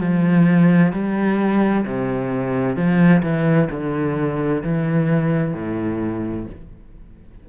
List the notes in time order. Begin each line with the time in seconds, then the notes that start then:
0.00 F3
0.92 G3
1.85 C3
2.76 F3
3.22 E3
3.70 D3
4.63 E3
5.54 A2